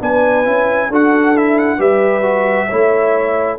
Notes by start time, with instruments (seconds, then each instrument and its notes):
0.00 tuba B3, trombone D4, horn B4, trumpet G#5
0.45 tuba C#4, trombone E4
0.89 tuba D4, trombone F#4, horn A4, trumpet F#5
1.36 trombone E4, trumpet E5
1.59 trumpet F#5
1.78 tuba G3, trombone G4, horn B4, trumpet E5
2.23 trombone F#4
2.68 tuba A3, trombone E4, horn C#5